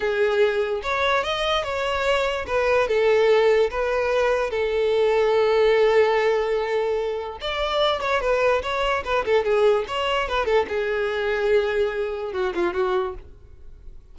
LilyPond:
\new Staff \with { instrumentName = "violin" } { \time 4/4 \tempo 4 = 146 gis'2 cis''4 dis''4 | cis''2 b'4 a'4~ | a'4 b'2 a'4~ | a'1~ |
a'2 d''4. cis''8 | b'4 cis''4 b'8 a'8 gis'4 | cis''4 b'8 a'8 gis'2~ | gis'2 fis'8 f'8 fis'4 | }